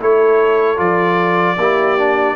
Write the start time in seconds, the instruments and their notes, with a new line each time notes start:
0.00 tuba A3, trombone E4, horn A4, trumpet C#5
0.77 tuba F3, trombone F4, trumpet D5
1.57 tuba A#3, trombone E4, horn G4
1.98 trombone D4